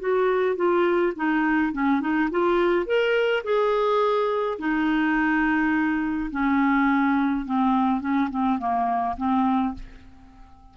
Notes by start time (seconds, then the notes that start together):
0.00 F#4
0.56 F4
1.16 D#4
1.73 C#4
2.01 D#4
2.31 F4
2.86 A#4
3.44 G#4
4.59 D#4
6.31 C#4
7.45 C4
8.01 C#4
8.30 C4
8.59 A#3
9.17 C4